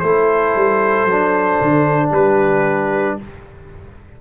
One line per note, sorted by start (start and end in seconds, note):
0.00 0.56 A3
0.00 1.08 E4
0.00 2.10 A4
0.00 2.11 C5
0.56 1.06 G3
1.06 1.58 F#3
1.06 3.21 D4
1.62 2.12 D3
2.10 3.18 G3
2.10 3.15 G4
2.10 3.19 B4